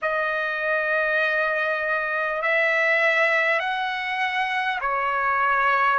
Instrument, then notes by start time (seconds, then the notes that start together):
trumpet
0.02 D#5
2.42 E5
3.59 F#5
4.80 C#5